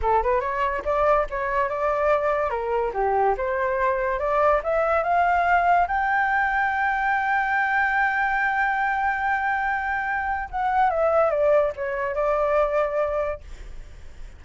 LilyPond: \new Staff \with { instrumentName = "flute" } { \time 4/4 \tempo 4 = 143 a'8 b'8 cis''4 d''4 cis''4 | d''2 ais'4 g'4 | c''2 d''4 e''4 | f''2 g''2~ |
g''1~ | g''1~ | g''4 fis''4 e''4 d''4 | cis''4 d''2. | }